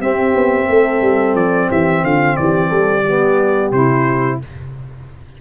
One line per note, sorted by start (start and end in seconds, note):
0.00 3.03 C4
0.00 0.34 C4
0.00 0.69 G4
0.00 1.36 E5
0.35 0.69 B3
0.69 1.02 A3
0.69 1.70 A4
1.02 1.35 G3
1.35 1.69 F3
1.35 1.70 D5
1.71 2.04 E3
1.71 2.04 G4
1.71 2.05 E5
2.04 2.37 D3
2.04 2.39 F4
2.04 2.37 F5
2.37 2.71 E3
2.37 2.69 G4
2.37 3.71 D5
2.69 3.72 G3
2.69 3.03 A4
3.05 3.74 B3
3.05 4.39 G4
3.72 4.39 C3
3.72 4.41 E4
3.72 4.40 C5